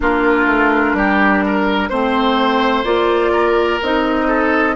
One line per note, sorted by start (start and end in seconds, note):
0.00 0.46 A#3
0.00 1.90 D4
0.00 0.96 F4
0.00 1.89 A#4
0.46 0.93 A3
0.93 1.88 G3
0.93 1.44 G4
1.45 1.89 A#4
1.89 2.84 A3
1.89 2.84 C4
1.89 2.84 C5
1.89 3.32 C5
2.84 3.79 A#3
2.84 3.79 F4
2.84 3.79 D5
3.32 4.27 A#4
3.82 4.75 C4
3.82 4.75 D#4
3.82 4.75 D#5
4.27 4.75 A4